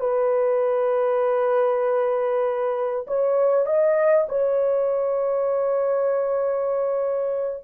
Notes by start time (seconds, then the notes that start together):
0.00 B4
3.07 C#5
3.66 D#5
4.29 C#5